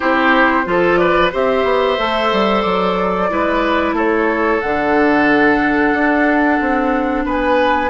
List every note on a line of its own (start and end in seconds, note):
0.00 0.66 C4
0.00 0.64 E4
0.00 0.65 G4
0.00 0.96 C5
0.64 1.31 F3
0.64 1.30 F4
0.64 0.99 A4
0.96 1.32 B4
0.96 1.29 D5
1.32 1.64 C4
1.32 1.98 G4
1.32 3.30 C5
1.32 2.62 E5
1.64 1.97 B3
1.98 2.32 A3
1.98 3.29 A4
2.32 2.65 G3
2.62 3.31 F#3
2.62 3.93 D5
3.29 3.92 G#3
3.29 4.61 E4
3.29 3.95 B4
3.92 4.58 A3
3.92 7.24 A4
3.92 4.60 C#5
4.60 5.93 D3
4.60 7.90 D4
4.60 7.24 F#5
5.93 6.59 D4
6.60 7.25 C4
7.25 7.90 B3
7.25 7.90 B4
7.25 7.90 G#5